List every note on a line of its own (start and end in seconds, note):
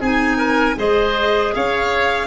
0.00 0.76 C4
0.00 0.76 D#4
0.00 0.37 G#4
0.00 0.78 G#5
0.37 0.75 A#4
0.76 1.53 G#3
0.76 2.27 G#4
0.76 1.54 C5
0.76 1.54 D#5
1.54 2.27 C#4
1.54 2.27 C#5
1.54 2.27 F5